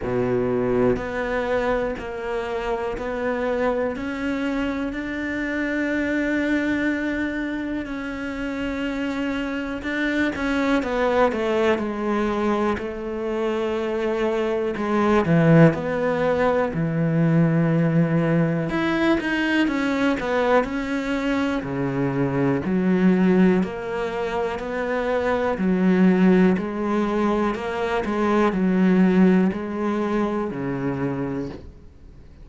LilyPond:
\new Staff \with { instrumentName = "cello" } { \time 4/4 \tempo 4 = 61 b,4 b4 ais4 b4 | cis'4 d'2. | cis'2 d'8 cis'8 b8 a8 | gis4 a2 gis8 e8 |
b4 e2 e'8 dis'8 | cis'8 b8 cis'4 cis4 fis4 | ais4 b4 fis4 gis4 | ais8 gis8 fis4 gis4 cis4 | }